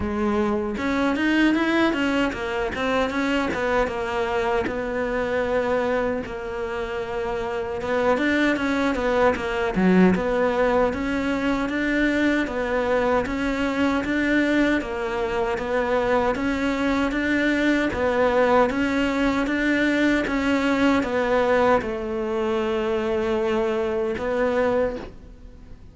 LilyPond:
\new Staff \with { instrumentName = "cello" } { \time 4/4 \tempo 4 = 77 gis4 cis'8 dis'8 e'8 cis'8 ais8 c'8 | cis'8 b8 ais4 b2 | ais2 b8 d'8 cis'8 b8 | ais8 fis8 b4 cis'4 d'4 |
b4 cis'4 d'4 ais4 | b4 cis'4 d'4 b4 | cis'4 d'4 cis'4 b4 | a2. b4 | }